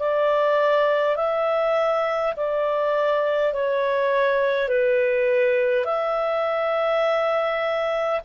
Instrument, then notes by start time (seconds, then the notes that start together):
clarinet
0.00 D5
1.17 E5
2.37 D5
3.54 C#5
4.69 B4
5.86 E5